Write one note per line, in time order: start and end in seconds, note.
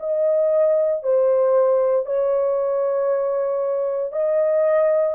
0.00 1.03 D#5
1.03 2.06 C5
2.06 4.12 C#5
4.12 5.15 D#5